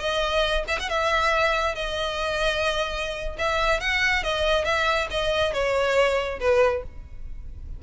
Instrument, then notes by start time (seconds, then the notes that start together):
violin
0.00 D#5
0.68 E5
0.80 F#5
0.90 E5
1.75 D#5
3.39 E5
3.81 F#5
4.24 D#5
4.65 E5
5.11 D#5
5.54 C#5
6.40 B4